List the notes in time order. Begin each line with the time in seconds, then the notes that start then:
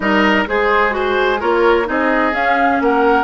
0.00 G3 D#4 A#4 D#5
0.46 G#3 G#4 C5
0.90 F#4 G#4 C5
1.40 A#3 F4 A#4 C#5
1.85 C4 D#4 G#4 D#5
2.32 C#4 F5
2.80 A#3 A#4 F#5